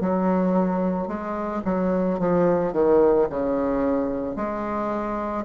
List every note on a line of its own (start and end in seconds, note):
0.00 1.07 F#3
1.07 1.62 G#3
1.65 2.19 F#3
2.19 2.73 F3
2.73 3.27 D#3
3.29 4.36 C#3
4.36 5.45 G#3